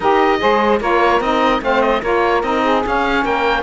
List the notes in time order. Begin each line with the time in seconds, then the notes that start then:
0.00 D#4 G4 A#4 D#5
0.39 G#3 G#4 C5
0.80 A#3 F4 A#4 C#5
1.20 C4 D#4 D#5
1.61 A3 C4 C5 F5
1.81 D#5
2.01 A#3 F4 A#4 C#5
2.42 C4 D#4 D#5
2.62 G#4
2.83 C#4 F5
3.23 A#3 A#4 G5